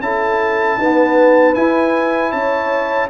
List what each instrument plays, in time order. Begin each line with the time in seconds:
0.00 tuba C#4, trombone E4, horn A4, trumpet A5
0.78 trombone B3, tuba D#4, horn B4
1.55 trombone E4, tuba E4, trumpet G#5
2.32 tuba C#4, horn C#5, trumpet A5